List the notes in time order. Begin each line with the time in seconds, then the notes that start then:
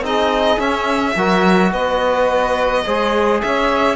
0.00 C4 D#4 G#4 D#5
0.58 C#4 E5
1.15 F#3 F#4 A#4
1.72 B3 B4 D#5
2.86 G#3 G#4 C5
3.41 C#4 C#5 E5